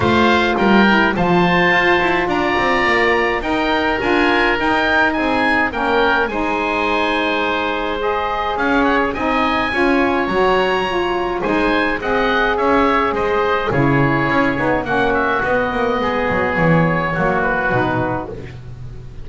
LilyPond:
<<
  \new Staff \with { instrumentName = "oboe" } { \time 4/4 \tempo 4 = 105 f''4 g''4 a''2 | ais''2 g''4 gis''4 | g''4 gis''4 g''4 gis''4~ | gis''2 dis''4 f''8 fis''16 gis'16 |
gis''2 ais''2 | gis''4 fis''4 e''4 dis''4 | cis''2 fis''8 e''8 dis''4~ | dis''4 cis''4. b'4. | }
  \new Staff \with { instrumentName = "oboe" } { \time 4/4 c''4 ais'4 c''2 | d''2 ais'2~ | ais'4 gis'4 ais'4 c''4~ | c''2. cis''4 |
dis''4 cis''2. | c''4 dis''4 cis''4 c''4 | gis'2 fis'2 | gis'2 fis'2 | }
  \new Staff \with { instrumentName = "saxophone" } { \time 4/4 f'4. e'8 f'2~ | f'2 dis'4 f'4 | dis'2 cis'4 dis'4~ | dis'2 gis'2 |
dis'4 f'4 fis'4 f'4 | dis'4 gis'2. | e'4. dis'8 cis'4 b4~ | b2 ais4 dis'4 | }
  \new Staff \with { instrumentName = "double bass" } { \time 4/4 a4 g4 f4 f'8 e'8 | d'8 c'8 ais4 dis'4 d'4 | dis'4 c'4 ais4 gis4~ | gis2. cis'4 |
c'4 cis'4 fis2 | gis4 c'4 cis'4 gis4 | cis4 cis'8 b8 ais4 b8 ais8 | gis8 fis8 e4 fis4 b,4 | }
>>